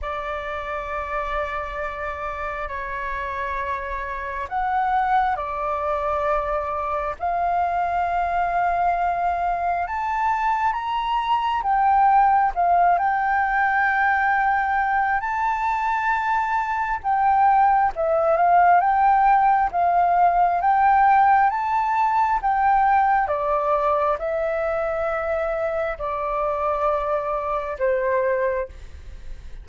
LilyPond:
\new Staff \with { instrumentName = "flute" } { \time 4/4 \tempo 4 = 67 d''2. cis''4~ | cis''4 fis''4 d''2 | f''2. a''4 | ais''4 g''4 f''8 g''4.~ |
g''4 a''2 g''4 | e''8 f''8 g''4 f''4 g''4 | a''4 g''4 d''4 e''4~ | e''4 d''2 c''4 | }